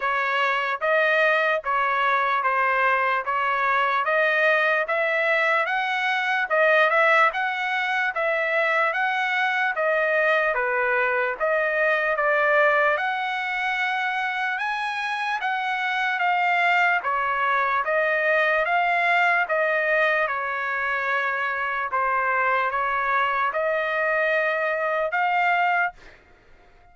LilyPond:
\new Staff \with { instrumentName = "trumpet" } { \time 4/4 \tempo 4 = 74 cis''4 dis''4 cis''4 c''4 | cis''4 dis''4 e''4 fis''4 | dis''8 e''8 fis''4 e''4 fis''4 | dis''4 b'4 dis''4 d''4 |
fis''2 gis''4 fis''4 | f''4 cis''4 dis''4 f''4 | dis''4 cis''2 c''4 | cis''4 dis''2 f''4 | }